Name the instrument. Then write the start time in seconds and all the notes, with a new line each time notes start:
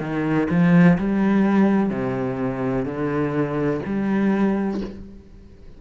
cello
0.00 D#3
0.50 F3
0.98 G3
1.90 C3
2.86 D3
3.86 G3